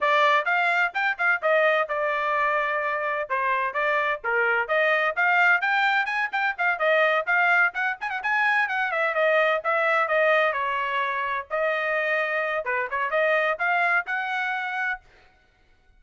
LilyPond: \new Staff \with { instrumentName = "trumpet" } { \time 4/4 \tempo 4 = 128 d''4 f''4 g''8 f''8 dis''4 | d''2. c''4 | d''4 ais'4 dis''4 f''4 | g''4 gis''8 g''8 f''8 dis''4 f''8~ |
f''8 fis''8 gis''16 fis''16 gis''4 fis''8 e''8 dis''8~ | dis''8 e''4 dis''4 cis''4.~ | cis''8 dis''2~ dis''8 b'8 cis''8 | dis''4 f''4 fis''2 | }